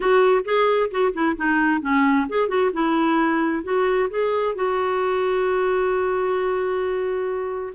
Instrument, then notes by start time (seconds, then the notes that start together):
clarinet
0.00 F#4
0.44 G#4
0.90 F#4
1.13 E4
1.37 D#4
1.81 C#4
2.28 G#4
2.48 F#4
2.73 E4
3.63 F#4
4.10 G#4
4.55 F#4